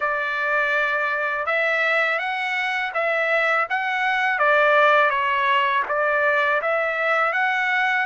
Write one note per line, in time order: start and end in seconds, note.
0.00 1.45 D5
1.45 2.19 E5
2.19 2.92 F#5
2.94 3.67 E5
3.69 4.38 F#5
4.38 5.10 D5
5.10 5.83 C#5
5.88 6.61 D5
6.61 7.32 E5
7.32 8.06 F#5